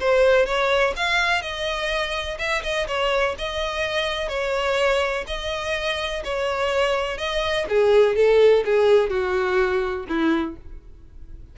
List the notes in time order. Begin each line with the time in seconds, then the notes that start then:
0.00 C5
0.46 C#5
0.96 F5
1.42 D#5
2.38 E5
2.63 D#5
2.87 C#5
3.38 D#5
4.29 C#5
5.27 D#5
6.24 C#5
7.18 D#5
7.69 G#4
8.16 A4
8.65 G#4
9.09 F#4
10.08 E4